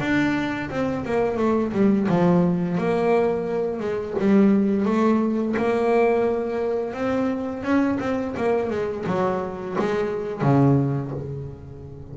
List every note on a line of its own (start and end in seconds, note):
0.00 0.70 D4
0.70 1.05 C4
1.05 1.37 A#3
1.37 1.72 A3
1.73 2.07 G3
2.09 2.78 F3
2.78 3.80 A#3
3.80 4.14 G#3
4.19 4.85 G3
4.85 5.55 A3
5.57 6.94 A#3
6.94 7.63 C4
7.63 7.98 C#4
7.99 8.34 C4
8.37 8.70 A#3
8.70 9.05 G#3
9.07 9.76 F#3
9.79 10.41 G#3
10.41 11.11 C#3